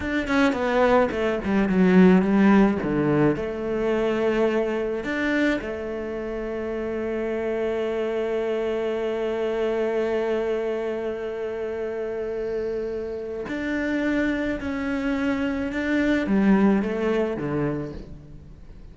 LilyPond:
\new Staff \with { instrumentName = "cello" } { \time 4/4 \tempo 4 = 107 d'8 cis'8 b4 a8 g8 fis4 | g4 d4 a2~ | a4 d'4 a2~ | a1~ |
a1~ | a1 | d'2 cis'2 | d'4 g4 a4 d4 | }